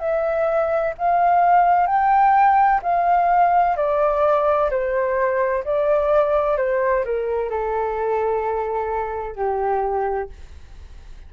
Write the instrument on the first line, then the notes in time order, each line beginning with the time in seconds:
flute
0.00 E5
0.98 F5
1.87 G5
2.83 F5
3.76 D5
4.70 C5
5.64 D5
6.58 C5
7.05 A#4
7.50 A4
9.36 G4